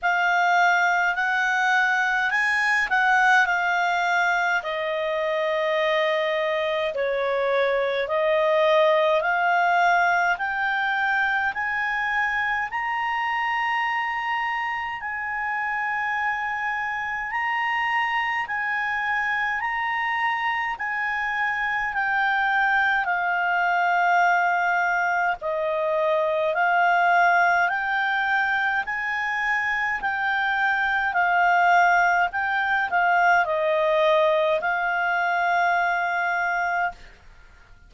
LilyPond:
\new Staff \with { instrumentName = "clarinet" } { \time 4/4 \tempo 4 = 52 f''4 fis''4 gis''8 fis''8 f''4 | dis''2 cis''4 dis''4 | f''4 g''4 gis''4 ais''4~ | ais''4 gis''2 ais''4 |
gis''4 ais''4 gis''4 g''4 | f''2 dis''4 f''4 | g''4 gis''4 g''4 f''4 | g''8 f''8 dis''4 f''2 | }